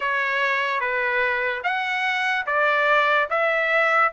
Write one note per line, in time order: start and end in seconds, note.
0.00 0.80 C#5
0.80 1.62 B4
1.63 2.45 F#5
2.46 3.28 D5
3.30 4.12 E5